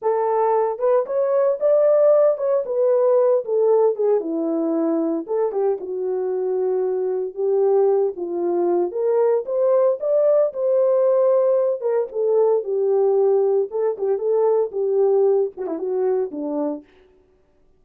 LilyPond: \new Staff \with { instrumentName = "horn" } { \time 4/4 \tempo 4 = 114 a'4. b'8 cis''4 d''4~ | d''8 cis''8 b'4. a'4 gis'8 | e'2 a'8 g'8 fis'4~ | fis'2 g'4. f'8~ |
f'4 ais'4 c''4 d''4 | c''2~ c''8 ais'8 a'4 | g'2 a'8 g'8 a'4 | g'4. fis'16 e'16 fis'4 d'4 | }